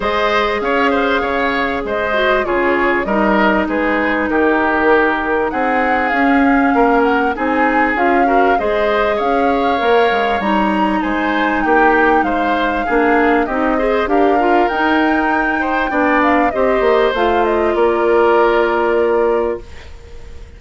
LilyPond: <<
  \new Staff \with { instrumentName = "flute" } { \time 4/4 \tempo 4 = 98 dis''4 f''2 dis''4 | cis''4 dis''4 b'4 ais'4~ | ais'4 fis''4 f''4. fis''8 | gis''4 f''4 dis''4 f''4~ |
f''4 ais''4 gis''4 g''4 | f''2 dis''4 f''4 | g''2~ g''8 f''8 dis''4 | f''8 dis''8 d''2. | }
  \new Staff \with { instrumentName = "oboe" } { \time 4/4 c''4 cis''8 c''8 cis''4 c''4 | gis'4 ais'4 gis'4 g'4~ | g'4 gis'2 ais'4 | gis'4. ais'8 c''4 cis''4~ |
cis''2 c''4 g'4 | c''4 gis'4 g'8 c''8 ais'4~ | ais'4. c''8 d''4 c''4~ | c''4 ais'2. | }
  \new Staff \with { instrumentName = "clarinet" } { \time 4/4 gis'2.~ gis'8 fis'8 | f'4 dis'2.~ | dis'2 cis'2 | dis'4 f'8 fis'8 gis'2 |
ais'4 dis'2.~ | dis'4 d'4 dis'8 gis'8 g'8 f'8 | dis'2 d'4 g'4 | f'1 | }
  \new Staff \with { instrumentName = "bassoon" } { \time 4/4 gis4 cis'4 cis4 gis4 | cis4 g4 gis4 dis4~ | dis4 c'4 cis'4 ais4 | c'4 cis'4 gis4 cis'4 |
ais8 gis8 g4 gis4 ais4 | gis4 ais4 c'4 d'4 | dis'2 b4 c'8 ais8 | a4 ais2. | }
>>